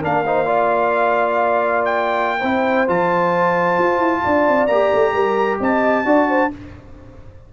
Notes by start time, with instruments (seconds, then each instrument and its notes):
0.00 tuba A#3, trombone D4, horn A#4, trumpet F5
0.26 trombone D#4, horn C5
0.45 trombone F4, horn D5
1.85 trumpet G5
2.39 tuba C4, trombone E4, horn C5
2.87 tuba F3, trombone F4, trumpet A5
3.78 tuba F4
3.97 tuba E4
4.24 tuba D4, horn D5
4.48 tuba C4
4.67 tuba A#3, trombone G4, trumpet A#5
4.93 tuba A3
5.13 tuba G3, horn A#4
5.60 tuba C4, horn D#5, trumpet A5
6.05 tuba D4, trombone F#4, horn D5
6.29 horn C5